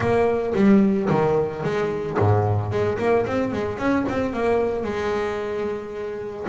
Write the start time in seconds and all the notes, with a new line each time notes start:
0.00 A#3
0.54 G3
1.09 D#3
1.63 G#3
2.18 G#2
2.71 G#3
2.98 A#3
3.26 C4
3.52 G#3
3.78 C#4
4.08 C4
4.33 A#3
4.83 G#3